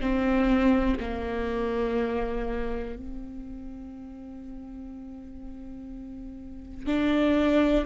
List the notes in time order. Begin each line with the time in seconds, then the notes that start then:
0.00 C4
1.00 A#3
2.96 C4
6.87 D4